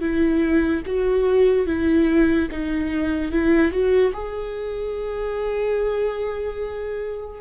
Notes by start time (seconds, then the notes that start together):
0.00 E4
0.86 F#4
1.66 E4
2.51 D#4
3.32 E4
3.71 F#4
4.13 G#4